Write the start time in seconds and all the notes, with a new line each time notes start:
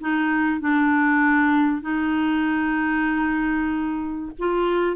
0.00 D#4
0.60 D4
1.82 D#4
4.38 F4